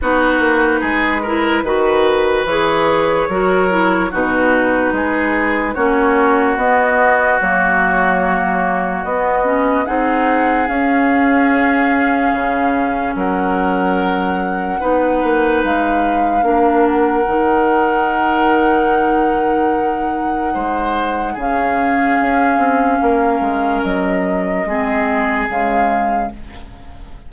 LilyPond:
<<
  \new Staff \with { instrumentName = "flute" } { \time 4/4 \tempo 4 = 73 b'2. cis''4~ | cis''4 b'2 cis''4 | dis''4 cis''2 dis''4 | fis''4 f''2. |
fis''2. f''4~ | f''8 fis''2.~ fis''8~ | fis''2 f''2~ | f''4 dis''2 f''4 | }
  \new Staff \with { instrumentName = "oboe" } { \time 4/4 fis'4 gis'8 ais'8 b'2 | ais'4 fis'4 gis'4 fis'4~ | fis'1 | gis'1 |
ais'2 b'2 | ais'1~ | ais'4 c''4 gis'2 | ais'2 gis'2 | }
  \new Staff \with { instrumentName = "clarinet" } { \time 4/4 dis'4. e'8 fis'4 gis'4 | fis'8 e'8 dis'2 cis'4 | b4 ais2 b8 cis'8 | dis'4 cis'2.~ |
cis'2 dis'2 | d'4 dis'2.~ | dis'2 cis'2~ | cis'2 c'4 gis4 | }
  \new Staff \with { instrumentName = "bassoon" } { \time 4/4 b8 ais8 gis4 dis4 e4 | fis4 b,4 gis4 ais4 | b4 fis2 b4 | c'4 cis'2 cis4 |
fis2 b8 ais8 gis4 | ais4 dis2.~ | dis4 gis4 cis4 cis'8 c'8 | ais8 gis8 fis4 gis4 cis4 | }
>>